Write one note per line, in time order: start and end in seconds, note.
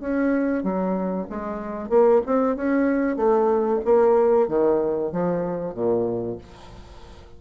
0.00 0.63 C#4
0.63 1.27 F#3
1.30 1.89 G#3
1.89 2.21 A#3
2.26 2.56 C4
2.56 3.17 C#4
3.17 3.80 A3
3.85 4.48 A#3
4.48 5.12 D#3
5.12 5.74 F3
5.74 6.38 A#2